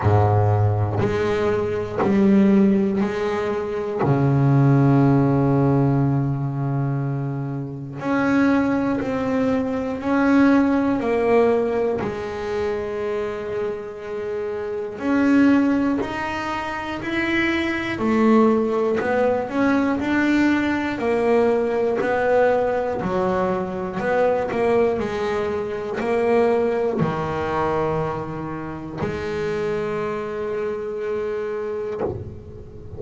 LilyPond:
\new Staff \with { instrumentName = "double bass" } { \time 4/4 \tempo 4 = 60 gis,4 gis4 g4 gis4 | cis1 | cis'4 c'4 cis'4 ais4 | gis2. cis'4 |
dis'4 e'4 a4 b8 cis'8 | d'4 ais4 b4 fis4 | b8 ais8 gis4 ais4 dis4~ | dis4 gis2. | }